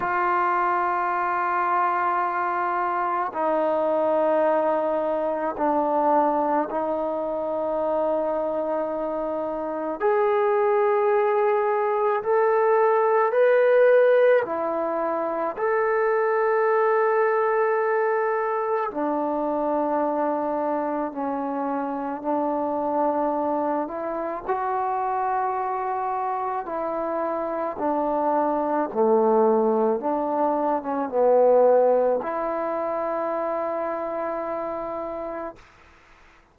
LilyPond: \new Staff \with { instrumentName = "trombone" } { \time 4/4 \tempo 4 = 54 f'2. dis'4~ | dis'4 d'4 dis'2~ | dis'4 gis'2 a'4 | b'4 e'4 a'2~ |
a'4 d'2 cis'4 | d'4. e'8 fis'2 | e'4 d'4 a4 d'8. cis'16 | b4 e'2. | }